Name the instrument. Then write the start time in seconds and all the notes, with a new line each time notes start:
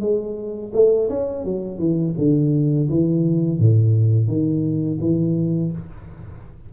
tuba
0.00 G#3
0.73 A3
1.09 C#4
1.44 F#3
1.78 E3
2.18 D3
2.89 E3
3.59 A2
4.28 D#3
5.00 E3